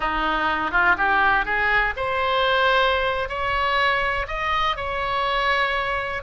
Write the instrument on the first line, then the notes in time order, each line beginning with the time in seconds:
oboe
0.00 D#4
0.71 F4
0.97 G4
1.45 G#4
1.96 C5
3.28 C#5
4.27 D#5
4.76 C#5